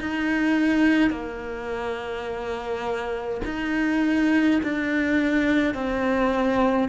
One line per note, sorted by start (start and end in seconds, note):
0.00 1.10 D#4
1.10 3.40 A#3
3.45 4.60 D#4
4.63 5.74 D4
5.74 6.88 C4